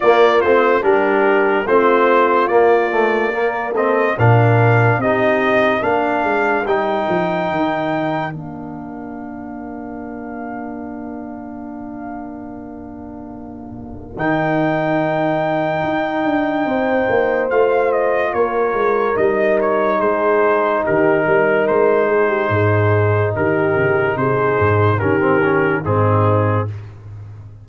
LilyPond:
<<
  \new Staff \with { instrumentName = "trumpet" } { \time 4/4 \tempo 4 = 72 d''8 c''8 ais'4 c''4 d''4~ | d''8 dis''8 f''4 dis''4 f''4 | g''2 f''2~ | f''1~ |
f''4 g''2.~ | g''4 f''8 dis''8 cis''4 dis''8 cis''8 | c''4 ais'4 c''2 | ais'4 c''4 ais'4 gis'4 | }
  \new Staff \with { instrumentName = "horn" } { \time 4/4 f'4 g'4 f'2 | ais'8 a'8 ais'4 g'4 ais'4~ | ais'1~ | ais'1~ |
ais'1 | c''2 ais'2 | gis'4 g'8 ais'4 gis'16 g'16 gis'4 | g'4 gis'4 g'4 dis'4 | }
  \new Staff \with { instrumentName = "trombone" } { \time 4/4 ais8 c'8 d'4 c'4 ais8 a8 | ais8 c'8 d'4 dis'4 d'4 | dis'2 d'2~ | d'1~ |
d'4 dis'2.~ | dis'4 f'2 dis'4~ | dis'1~ | dis'2 cis'16 c'16 cis'8 c'4 | }
  \new Staff \with { instrumentName = "tuba" } { \time 4/4 ais8 a8 g4 a4 ais4~ | ais4 ais,4 c'4 ais8 gis8 | g8 f8 dis4 ais2~ | ais1~ |
ais4 dis2 dis'8 d'8 | c'8 ais8 a4 ais8 gis8 g4 | gis4 dis8 g8 gis4 gis,4 | dis8 cis8 c8 gis,8 dis4 gis,4 | }
>>